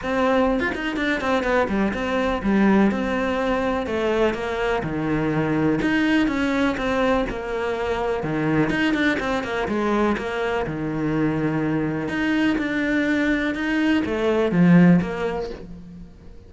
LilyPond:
\new Staff \with { instrumentName = "cello" } { \time 4/4 \tempo 4 = 124 c'4~ c'16 f'16 dis'8 d'8 c'8 b8 g8 | c'4 g4 c'2 | a4 ais4 dis2 | dis'4 cis'4 c'4 ais4~ |
ais4 dis4 dis'8 d'8 c'8 ais8 | gis4 ais4 dis2~ | dis4 dis'4 d'2 | dis'4 a4 f4 ais4 | }